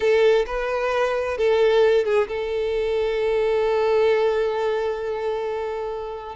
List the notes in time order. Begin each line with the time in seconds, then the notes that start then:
0.00 A4
0.46 B4
1.37 A4
2.05 G#4
2.27 A4